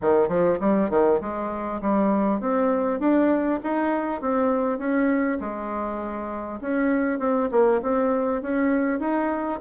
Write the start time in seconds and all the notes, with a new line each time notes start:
0.01 D#3
0.28 F3
0.59 G3
0.90 D#3
1.20 G#3
1.81 G3
2.40 C4
2.99 D4
3.63 D#4
4.21 C4
4.78 C#4
5.40 G#3
6.60 C#4
7.19 C4
7.51 A#3
7.82 C4
8.42 C#4
8.99 D#4